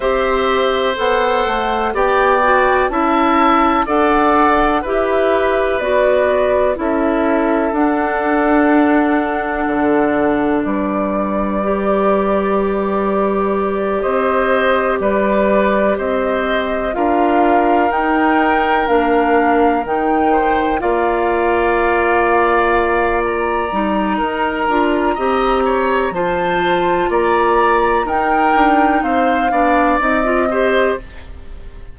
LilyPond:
<<
  \new Staff \with { instrumentName = "flute" } { \time 4/4 \tempo 4 = 62 e''4 fis''4 g''4 a''4 | fis''4 e''4 d''4 e''4 | fis''2. d''4~ | d''2~ d''8 dis''4 d''8~ |
d''8 dis''4 f''4 g''4 f''8~ | f''8 g''4 f''2~ f''8 | ais''2. a''4 | ais''4 g''4 f''4 dis''4 | }
  \new Staff \with { instrumentName = "oboe" } { \time 4/4 c''2 d''4 e''4 | d''4 b'2 a'4~ | a'2. b'4~ | b'2~ b'8 c''4 b'8~ |
b'8 c''4 ais'2~ ais'8~ | ais'4 c''8 d''2~ d''8~ | d''4 ais'4 dis''8 cis''8 c''4 | d''4 ais'4 c''8 d''4 c''8 | }
  \new Staff \with { instrumentName = "clarinet" } { \time 4/4 g'4 a'4 g'8 fis'8 e'4 | a'4 g'4 fis'4 e'4 | d'1 | g'1~ |
g'4. f'4 dis'4 d'8~ | d'8 dis'4 f'2~ f'8~ | f'8 dis'4 f'8 g'4 f'4~ | f'4 dis'4. d'8 dis'16 f'16 g'8 | }
  \new Staff \with { instrumentName = "bassoon" } { \time 4/4 c'4 b8 a8 b4 cis'4 | d'4 e'4 b4 cis'4 | d'2 d4 g4~ | g2~ g8 c'4 g8~ |
g8 c'4 d'4 dis'4 ais8~ | ais8 dis4 ais2~ ais8~ | ais8 g8 dis'8 d'8 c'4 f4 | ais4 dis'8 d'8 c'8 b8 c'4 | }
>>